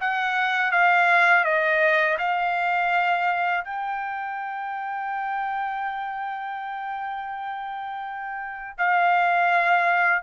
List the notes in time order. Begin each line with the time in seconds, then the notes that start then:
0.00 F#5
0.71 F5
1.44 D#5
2.18 F5
3.64 G5
8.77 F5